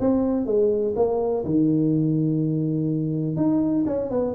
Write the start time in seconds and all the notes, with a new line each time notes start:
0.00 C4
0.46 G#3
0.96 A#3
1.45 D#3
3.36 D#4
3.86 C#4
4.11 B3